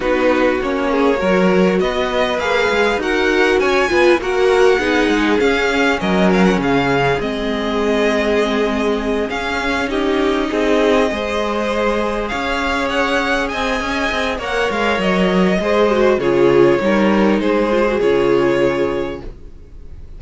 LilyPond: <<
  \new Staff \with { instrumentName = "violin" } { \time 4/4 \tempo 4 = 100 b'4 cis''2 dis''4 | f''4 fis''4 gis''4 fis''4~ | fis''4 f''4 dis''8 f''16 fis''16 f''4 | dis''2.~ dis''8 f''8~ |
f''8 dis''2.~ dis''8~ | dis''8 f''4 fis''4 gis''4. | fis''8 f''8 dis''2 cis''4~ | cis''4 c''4 cis''2 | }
  \new Staff \with { instrumentName = "violin" } { \time 4/4 fis'4. gis'8 ais'4 b'4~ | b'4 ais'4 cis''8 b'8 ais'4 | gis'2 ais'4 gis'4~ | gis'1~ |
gis'8 g'4 gis'4 c''4.~ | c''8 cis''2 dis''4. | cis''2 c''4 gis'4 | ais'4 gis'2. | }
  \new Staff \with { instrumentName = "viola" } { \time 4/4 dis'4 cis'4 fis'2 | gis'4 fis'4. f'8 fis'4 | dis'4 cis'2. | c'2.~ c'8 cis'8~ |
cis'8 dis'2 gis'4.~ | gis'1 | ais'2 gis'8 fis'8 f'4 | dis'4. f'16 fis'16 f'2 | }
  \new Staff \with { instrumentName = "cello" } { \time 4/4 b4 ais4 fis4 b4 | ais8 gis8 dis'4 cis'8 b8 ais4 | b8 gis8 cis'4 fis4 cis4 | gis2.~ gis8 cis'8~ |
cis'4. c'4 gis4.~ | gis8 cis'2 c'8 cis'8 c'8 | ais8 gis8 fis4 gis4 cis4 | g4 gis4 cis2 | }
>>